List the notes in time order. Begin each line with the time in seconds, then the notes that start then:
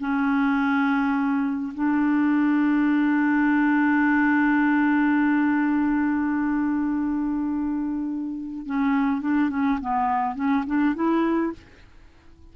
0.00 C#4
1.74 D4
8.66 C#4
9.22 D4
9.50 C#4
9.81 B3
10.36 C#4
10.67 D4
10.95 E4